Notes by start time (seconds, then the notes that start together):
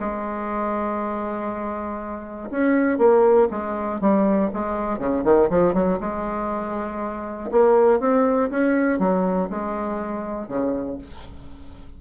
0.00 G#3
2.51 C#4
2.99 A#3
3.51 G#3
4.01 G3
4.54 G#3
4.99 C#3
5.25 D#3
5.50 F3
5.74 F#3
6.01 G#3
7.52 A#3
8.00 C4
8.51 C#4
8.99 F#3
9.50 G#3
10.48 C#3